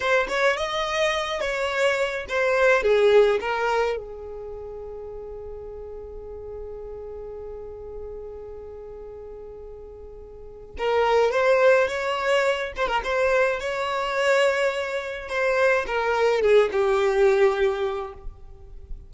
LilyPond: \new Staff \with { instrumentName = "violin" } { \time 4/4 \tempo 4 = 106 c''8 cis''8 dis''4. cis''4. | c''4 gis'4 ais'4 gis'4~ | gis'1~ | gis'1~ |
gis'2. ais'4 | c''4 cis''4. c''16 ais'16 c''4 | cis''2. c''4 | ais'4 gis'8 g'2~ g'8 | }